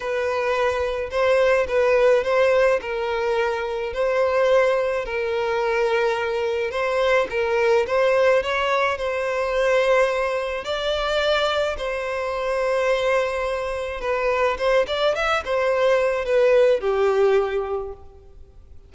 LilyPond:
\new Staff \with { instrumentName = "violin" } { \time 4/4 \tempo 4 = 107 b'2 c''4 b'4 | c''4 ais'2 c''4~ | c''4 ais'2. | c''4 ais'4 c''4 cis''4 |
c''2. d''4~ | d''4 c''2.~ | c''4 b'4 c''8 d''8 e''8 c''8~ | c''4 b'4 g'2 | }